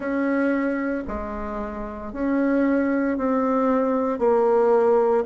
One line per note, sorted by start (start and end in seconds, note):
0.00 1.04 C#4
1.07 2.12 G#3
2.12 3.17 C#4
3.17 4.18 C4
4.18 5.23 A#3